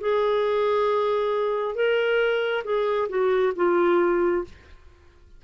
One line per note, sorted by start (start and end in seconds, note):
0.00 1.75 G#4
1.75 2.63 A#4
2.64 3.08 G#4
3.09 3.53 F#4
3.56 4.44 F4